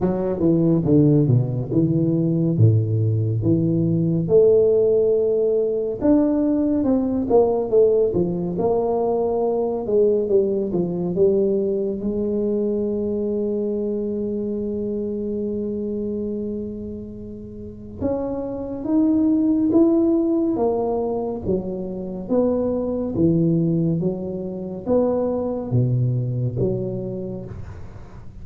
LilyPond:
\new Staff \with { instrumentName = "tuba" } { \time 4/4 \tempo 4 = 70 fis8 e8 d8 b,8 e4 a,4 | e4 a2 d'4 | c'8 ais8 a8 f8 ais4. gis8 | g8 f8 g4 gis2~ |
gis1~ | gis4 cis'4 dis'4 e'4 | ais4 fis4 b4 e4 | fis4 b4 b,4 fis4 | }